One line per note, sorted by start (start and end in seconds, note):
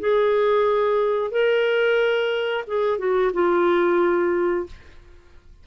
0.00 1.32 G#4
1.32 2.65 A#4
2.68 2.98 G#4
2.98 3.32 F#4
3.34 4.67 F4